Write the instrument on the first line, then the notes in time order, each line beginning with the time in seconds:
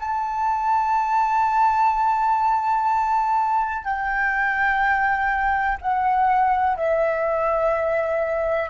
flute
0.00 A5
3.85 G5
5.82 F#5
6.77 E5